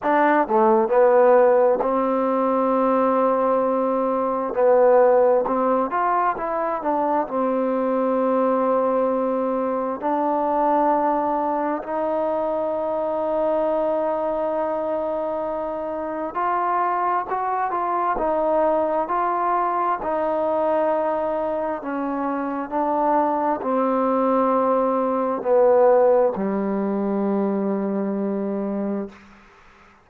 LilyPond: \new Staff \with { instrumentName = "trombone" } { \time 4/4 \tempo 4 = 66 d'8 a8 b4 c'2~ | c'4 b4 c'8 f'8 e'8 d'8 | c'2. d'4~ | d'4 dis'2.~ |
dis'2 f'4 fis'8 f'8 | dis'4 f'4 dis'2 | cis'4 d'4 c'2 | b4 g2. | }